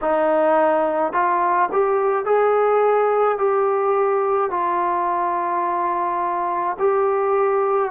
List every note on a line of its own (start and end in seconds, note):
0.01 1.12 D#4
1.12 1.69 F4
1.71 2.25 G4
2.25 3.38 G#4
3.38 4.50 G4
4.50 6.76 F4
6.79 7.91 G4